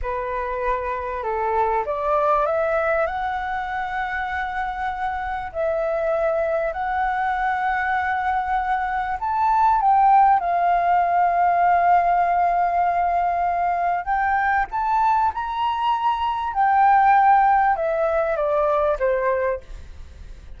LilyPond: \new Staff \with { instrumentName = "flute" } { \time 4/4 \tempo 4 = 98 b'2 a'4 d''4 | e''4 fis''2.~ | fis''4 e''2 fis''4~ | fis''2. a''4 |
g''4 f''2.~ | f''2. g''4 | a''4 ais''2 g''4~ | g''4 e''4 d''4 c''4 | }